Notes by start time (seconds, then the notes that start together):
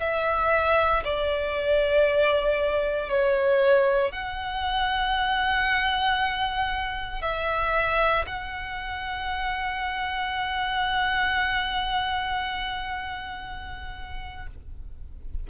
0.00 E5
1.04 D5
3.10 C#5
4.12 F#5
7.22 E5
8.27 F#5